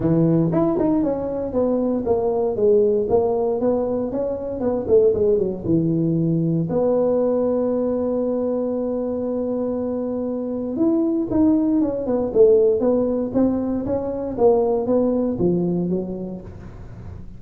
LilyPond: \new Staff \with { instrumentName = "tuba" } { \time 4/4 \tempo 4 = 117 e4 e'8 dis'8 cis'4 b4 | ais4 gis4 ais4 b4 | cis'4 b8 a8 gis8 fis8 e4~ | e4 b2.~ |
b1~ | b4 e'4 dis'4 cis'8 b8 | a4 b4 c'4 cis'4 | ais4 b4 f4 fis4 | }